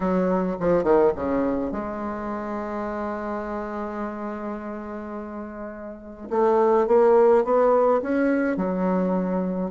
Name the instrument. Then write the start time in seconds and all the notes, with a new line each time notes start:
bassoon
0.00 F#3
0.59 F3
0.83 D#3
1.15 C#3
1.71 G#3
6.30 A3
6.87 A#3
7.44 B3
8.02 C#4
8.56 F#3